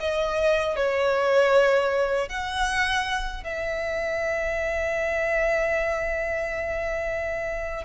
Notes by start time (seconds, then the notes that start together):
0.00 D#5
0.76 C#5
2.29 F#5
3.44 E5